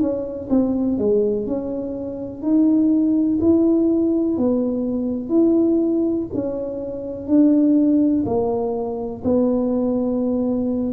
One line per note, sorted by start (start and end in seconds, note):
0.00 0.48 C#4
0.50 0.98 C4
0.98 1.46 G#3
1.46 2.42 C#4
2.42 3.39 D#4
3.40 4.37 E4
4.38 5.29 B3
5.29 6.26 E4
6.34 7.27 C#4
7.27 8.24 D4
8.26 9.22 A#3
9.24 10.93 B3